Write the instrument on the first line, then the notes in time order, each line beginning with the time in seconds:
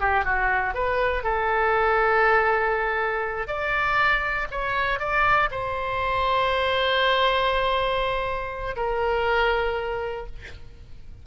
oboe
0.00 G4
0.24 F#4
0.74 B4
1.23 A4
3.47 D5
4.51 C#5
4.99 D5
5.50 C5
8.76 A#4